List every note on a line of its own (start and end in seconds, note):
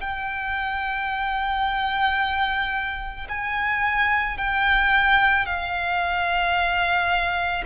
0.00 3.27 G5
3.28 4.37 G#5
4.37 5.45 G5
5.45 7.64 F5